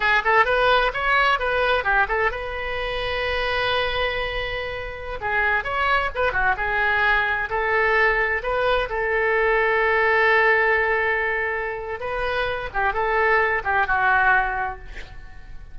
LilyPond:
\new Staff \with { instrumentName = "oboe" } { \time 4/4 \tempo 4 = 130 gis'8 a'8 b'4 cis''4 b'4 | g'8 a'8 b'2.~ | b'2.~ b'16 gis'8.~ | gis'16 cis''4 b'8 fis'8 gis'4.~ gis'16~ |
gis'16 a'2 b'4 a'8.~ | a'1~ | a'2 b'4. g'8 | a'4. g'8 fis'2 | }